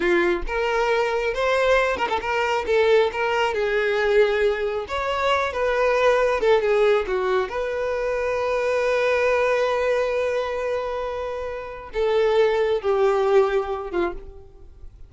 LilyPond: \new Staff \with { instrumentName = "violin" } { \time 4/4 \tempo 4 = 136 f'4 ais'2 c''4~ | c''8 ais'16 a'16 ais'4 a'4 ais'4 | gis'2. cis''4~ | cis''8 b'2 a'8 gis'4 |
fis'4 b'2.~ | b'1~ | b'2. a'4~ | a'4 g'2~ g'8 f'8 | }